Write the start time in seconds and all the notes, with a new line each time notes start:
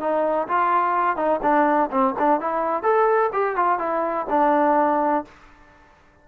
0.00 D#4
0.48 F4
1.16 D#4
1.42 D4
1.91 C4
2.19 D4
2.40 E4
2.83 A4
3.33 G4
3.56 F4
3.79 E4
4.30 D4